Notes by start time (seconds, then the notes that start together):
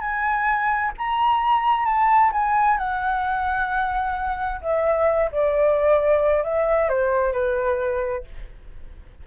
0.00 G#5
0.97 A#5
1.85 A5
2.32 G#5
2.78 F#5
4.61 E5
5.32 D5
6.44 E5
6.89 C5
7.33 B4